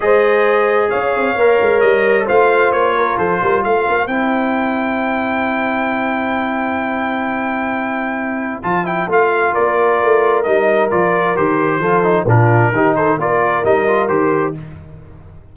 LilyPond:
<<
  \new Staff \with { instrumentName = "trumpet" } { \time 4/4 \tempo 4 = 132 dis''2 f''2 | dis''4 f''4 cis''4 c''4 | f''4 g''2.~ | g''1~ |
g''2. a''8 g''8 | f''4 d''2 dis''4 | d''4 c''2 ais'4~ | ais'8 c''8 d''4 dis''4 c''4 | }
  \new Staff \with { instrumentName = "horn" } { \time 4/4 c''2 cis''2~ | cis''4 c''4. ais'8 a'8 ais'8 | c''1~ | c''1~ |
c''1~ | c''4 ais'2.~ | ais'2 a'4 f'4 | g'8 a'8 ais'2. | }
  \new Staff \with { instrumentName = "trombone" } { \time 4/4 gis'2. ais'4~ | ais'4 f'2.~ | f'4 e'2.~ | e'1~ |
e'2. f'8 e'8 | f'2. dis'4 | f'4 g'4 f'8 dis'8 d'4 | dis'4 f'4 dis'8 f'8 g'4 | }
  \new Staff \with { instrumentName = "tuba" } { \time 4/4 gis2 cis'8 c'8 ais8 gis8 | g4 a4 ais4 f8 g8 | a8 ais8 c'2.~ | c'1~ |
c'2. f4 | a4 ais4 a4 g4 | f4 dis4 f4 ais,4 | dis4 ais4 g4 dis4 | }
>>